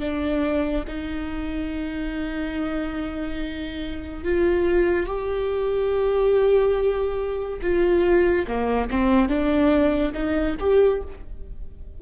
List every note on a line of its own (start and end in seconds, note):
0.00 0.85 D4
0.88 4.24 D#4
4.24 5.06 F4
5.06 7.60 G4
7.62 8.46 F4
8.47 8.90 A#3
8.90 9.28 C4
9.28 10.13 D4
10.14 10.56 D#4
10.60 11.02 G4